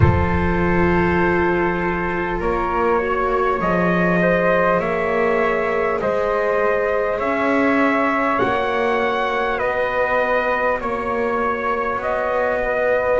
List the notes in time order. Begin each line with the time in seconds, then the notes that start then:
0.00 F3 F4 A4 C5
2.39 A#3 A#4 C#5
2.98 F#4 C#5
3.60 F3 G#4 D#5
4.21 C5
4.79 A#3 C#5 E5
6.00 G#3 C5 D#5
7.18 C#4 C#5 E5
8.38 A#3 F#4 F#5
9.58 B3 B4 D#5
10.79 A#3 C#5
11.97 B3 D#5
12.63 B4